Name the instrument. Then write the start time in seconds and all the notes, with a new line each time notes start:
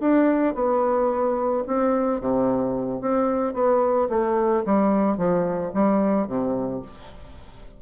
bassoon
0.00 D4
0.54 B3
1.67 C4
2.20 C3
3.01 C4
3.54 B3
4.09 A3
4.65 G3
5.17 F3
5.73 G3
6.27 C3